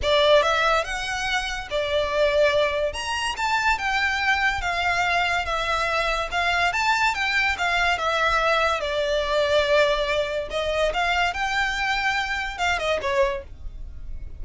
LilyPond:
\new Staff \with { instrumentName = "violin" } { \time 4/4 \tempo 4 = 143 d''4 e''4 fis''2 | d''2. ais''4 | a''4 g''2 f''4~ | f''4 e''2 f''4 |
a''4 g''4 f''4 e''4~ | e''4 d''2.~ | d''4 dis''4 f''4 g''4~ | g''2 f''8 dis''8 cis''4 | }